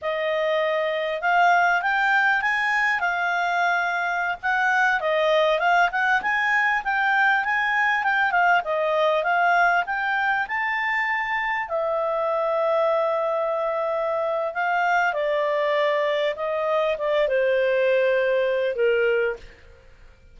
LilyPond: \new Staff \with { instrumentName = "clarinet" } { \time 4/4 \tempo 4 = 99 dis''2 f''4 g''4 | gis''4 f''2~ f''16 fis''8.~ | fis''16 dis''4 f''8 fis''8 gis''4 g''8.~ | g''16 gis''4 g''8 f''8 dis''4 f''8.~ |
f''16 g''4 a''2 e''8.~ | e''1 | f''4 d''2 dis''4 | d''8 c''2~ c''8 ais'4 | }